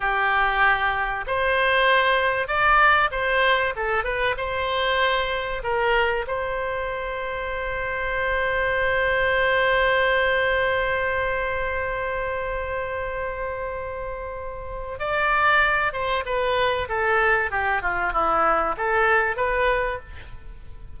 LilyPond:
\new Staff \with { instrumentName = "oboe" } { \time 4/4 \tempo 4 = 96 g'2 c''2 | d''4 c''4 a'8 b'8 c''4~ | c''4 ais'4 c''2~ | c''1~ |
c''1~ | c''1 | d''4. c''8 b'4 a'4 | g'8 f'8 e'4 a'4 b'4 | }